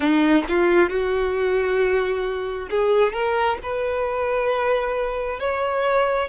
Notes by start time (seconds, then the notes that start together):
0.00 D#4
0.48 F4
0.90 F#4
2.69 G#4
3.13 A#4
3.63 B4
5.39 C#5